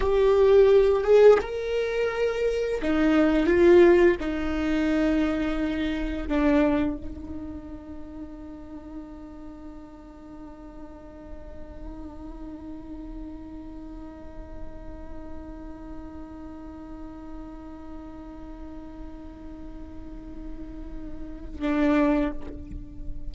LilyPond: \new Staff \with { instrumentName = "viola" } { \time 4/4 \tempo 4 = 86 g'4. gis'8 ais'2 | dis'4 f'4 dis'2~ | dis'4 d'4 dis'2~ | dis'1~ |
dis'1~ | dis'1~ | dis'1~ | dis'2. d'4 | }